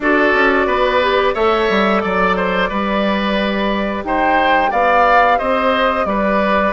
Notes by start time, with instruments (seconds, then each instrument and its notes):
0.00 bassoon D4, clarinet F#4, oboe A4, flute D5
0.33 bassoon C#4
0.66 bassoon B3, oboe B4
1.02 clarinet G4
1.34 bassoon A3, clarinet A4, oboe C#5, flute E5
1.69 bassoon G3
2.01 bassoon F#3, flute D5, oboe D5
2.36 oboe C5
2.69 bassoon G3, clarinet G4, oboe B4
4.04 bassoon D#4, oboe C5, flute G5
4.71 bassoon B3, oboe D5, flute F5
5.38 bassoon C4, oboe C5, flute D#5
6.05 bassoon G3, oboe B4, flute D5